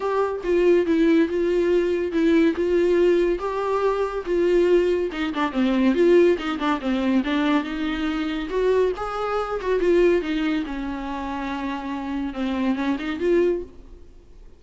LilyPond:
\new Staff \with { instrumentName = "viola" } { \time 4/4 \tempo 4 = 141 g'4 f'4 e'4 f'4~ | f'4 e'4 f'2 | g'2 f'2 | dis'8 d'8 c'4 f'4 dis'8 d'8 |
c'4 d'4 dis'2 | fis'4 gis'4. fis'8 f'4 | dis'4 cis'2.~ | cis'4 c'4 cis'8 dis'8 f'4 | }